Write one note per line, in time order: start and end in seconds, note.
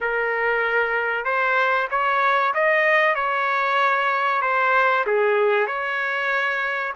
0.00 1.24 A#4
1.24 1.87 C5
1.90 2.53 C#5
2.53 3.15 D#5
3.15 4.41 C#5
4.41 5.04 C5
5.06 5.67 G#4
5.67 6.93 C#5